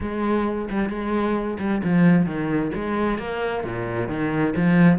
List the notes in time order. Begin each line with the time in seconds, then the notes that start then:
0.00 G#3
0.70 G3
0.89 G#3
1.59 G3
1.83 F3
2.25 D#3
2.74 G#3
3.18 A#3
3.63 A#2
4.08 D#3
4.56 F3